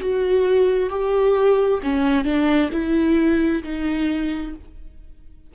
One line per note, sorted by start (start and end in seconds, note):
0.00 0.89 F#4
0.89 1.80 G4
1.83 2.24 C#4
2.24 2.69 D4
2.72 3.63 E4
3.63 4.54 D#4